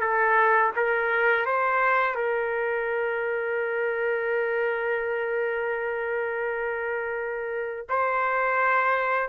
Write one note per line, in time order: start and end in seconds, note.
0.00 0.71 A4
0.76 1.45 A#4
1.45 2.15 C5
2.15 7.87 A#4
7.89 9.29 C5